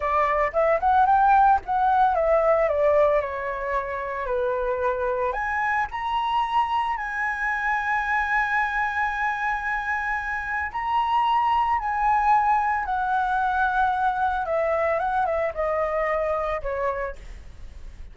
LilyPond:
\new Staff \with { instrumentName = "flute" } { \time 4/4 \tempo 4 = 112 d''4 e''8 fis''8 g''4 fis''4 | e''4 d''4 cis''2 | b'2 gis''4 ais''4~ | ais''4 gis''2.~ |
gis''1 | ais''2 gis''2 | fis''2. e''4 | fis''8 e''8 dis''2 cis''4 | }